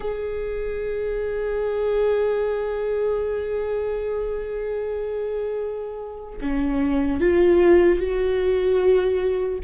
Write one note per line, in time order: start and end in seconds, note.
0.00 6.39 G#4
6.41 7.20 C#4
7.20 7.99 F4
7.99 9.59 F#4